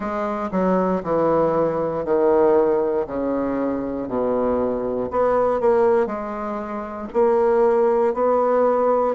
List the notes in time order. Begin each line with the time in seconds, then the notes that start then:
0.00 G#3
0.51 F#3
1.03 E3
2.04 D#3
3.06 C#3
4.07 B2
5.10 B3
5.60 A#3
6.06 G#3
7.13 A#3
8.14 B3